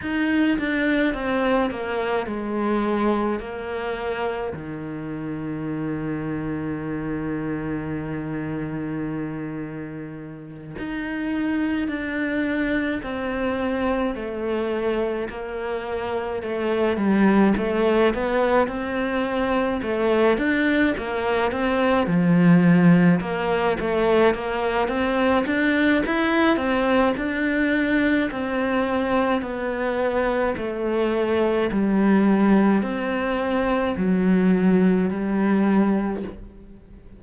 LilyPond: \new Staff \with { instrumentName = "cello" } { \time 4/4 \tempo 4 = 53 dis'8 d'8 c'8 ais8 gis4 ais4 | dis1~ | dis4. dis'4 d'4 c'8~ | c'8 a4 ais4 a8 g8 a8 |
b8 c'4 a8 d'8 ais8 c'8 f8~ | f8 ais8 a8 ais8 c'8 d'8 e'8 c'8 | d'4 c'4 b4 a4 | g4 c'4 fis4 g4 | }